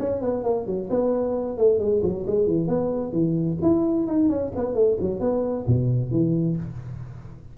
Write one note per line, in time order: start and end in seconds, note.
0.00 0.22 C#4
0.22 0.44 B3
0.44 0.67 A#3
0.67 0.89 F#3
0.90 1.58 B3
1.58 1.80 A3
1.80 2.02 G#3
2.03 2.26 F#3
2.27 2.47 G#3
2.47 2.68 E3
2.68 3.13 B3
3.13 3.58 E3
3.62 4.07 E4
4.07 4.29 D#4
4.29 4.52 C#4
4.56 4.75 B3
4.75 4.98 A3
5.01 5.20 F#3
5.20 5.66 B3
5.67 6.11 B2
6.11 6.57 E3